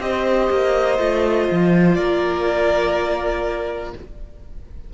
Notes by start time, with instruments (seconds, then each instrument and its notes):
0.00 cello C4, viola G4, violin C5 D#5
0.51 cello A#3
0.98 cello A3, viola F4
1.52 cello F3
1.94 cello A#3, violin A#4 D5